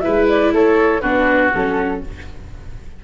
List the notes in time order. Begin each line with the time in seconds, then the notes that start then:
0.00 E4 B4 E5
0.06 G#3
0.28 D5
0.53 A3 A4 C#5
1.01 B3 D4 F#4 B4
1.54 F#3 C#4 A4